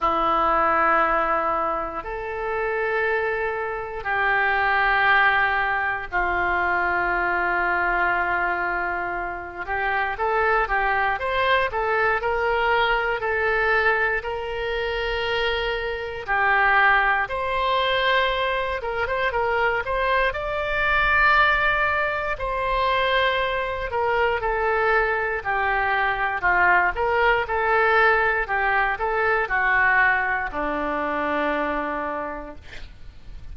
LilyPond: \new Staff \with { instrumentName = "oboe" } { \time 4/4 \tempo 4 = 59 e'2 a'2 | g'2 f'2~ | f'4. g'8 a'8 g'8 c''8 a'8 | ais'4 a'4 ais'2 |
g'4 c''4. ais'16 c''16 ais'8 c''8 | d''2 c''4. ais'8 | a'4 g'4 f'8 ais'8 a'4 | g'8 a'8 fis'4 d'2 | }